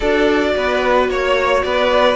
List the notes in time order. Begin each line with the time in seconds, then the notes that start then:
0.00 D4 F#4 A4 D5
0.55 B3 B4
1.09 A#3 C#5
1.63 B3 B4 D5